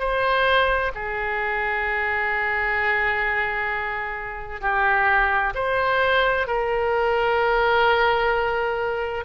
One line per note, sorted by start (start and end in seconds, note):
0.00 0.92 C5
0.95 4.61 G#4
4.61 5.53 G4
5.55 6.47 C5
6.47 9.24 A#4